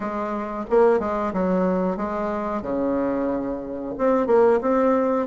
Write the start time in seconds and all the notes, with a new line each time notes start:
0.00 G#3
0.70 A#3
0.99 G#3
1.33 F#3
1.96 G#3
2.62 C#3
3.97 C4
4.26 A#3
4.61 C4